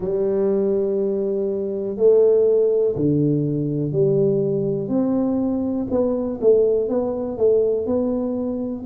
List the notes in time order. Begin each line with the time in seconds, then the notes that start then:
0.00 G3
1.97 A3
2.95 D3
3.92 G3
4.88 C4
5.90 B3
6.41 A3
6.89 B3
7.37 A3
7.86 B3